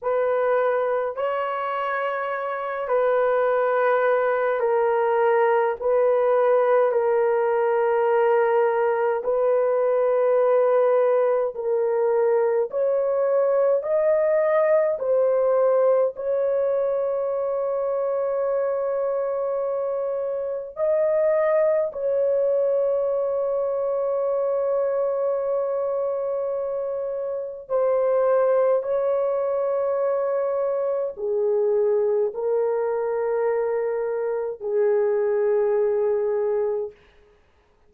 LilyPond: \new Staff \with { instrumentName = "horn" } { \time 4/4 \tempo 4 = 52 b'4 cis''4. b'4. | ais'4 b'4 ais'2 | b'2 ais'4 cis''4 | dis''4 c''4 cis''2~ |
cis''2 dis''4 cis''4~ | cis''1 | c''4 cis''2 gis'4 | ais'2 gis'2 | }